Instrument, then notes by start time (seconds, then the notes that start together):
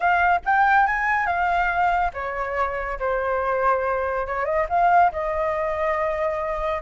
flute
0.00 F5
0.45 G5
0.86 G#5
1.26 F5
2.13 C#5
2.99 C5
4.26 C#5
4.45 D#5
4.69 F5
5.11 D#5